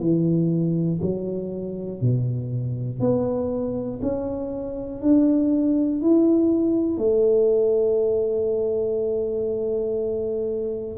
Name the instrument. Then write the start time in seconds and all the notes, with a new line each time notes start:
tuba
0.00 E3
1.01 F#3
2.00 B2
3.00 B3
4.02 C#4
5.01 D4
6.01 E4
6.97 A3